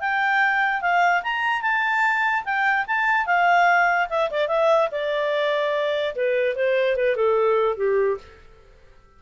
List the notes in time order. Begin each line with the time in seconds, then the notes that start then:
0.00 G5
0.81 F5
1.23 A#5
1.61 A5
2.44 G5
2.87 A5
3.26 F5
4.09 E5
4.30 D5
4.47 E5
4.91 D5
6.15 B4
6.55 C5
6.96 B4
7.15 A4
7.76 G4